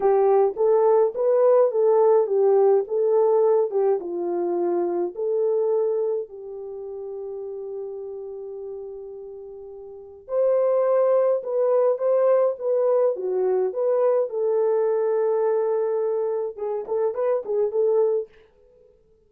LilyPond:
\new Staff \with { instrumentName = "horn" } { \time 4/4 \tempo 4 = 105 g'4 a'4 b'4 a'4 | g'4 a'4. g'8 f'4~ | f'4 a'2 g'4~ | g'1~ |
g'2 c''2 | b'4 c''4 b'4 fis'4 | b'4 a'2.~ | a'4 gis'8 a'8 b'8 gis'8 a'4 | }